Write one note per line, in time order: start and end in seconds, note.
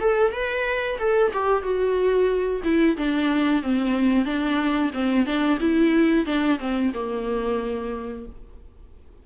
0.00 0.32 A4
0.32 0.98 B4
0.98 1.31 A4
1.33 1.62 G4
1.62 2.61 F#4
2.63 2.96 E4
2.97 3.62 D4
3.62 4.25 C4
4.25 4.91 D4
4.93 5.25 C4
5.25 5.58 D4
5.60 6.25 E4
6.25 6.58 D4
6.58 6.91 C4
6.94 8.25 A#3